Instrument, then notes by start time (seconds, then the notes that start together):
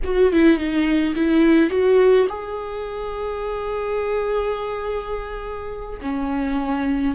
viola
0.04 F#4
0.32 E4
0.57 D#4
1.15 E4
1.70 F#4
2.29 G#4
6.01 C#4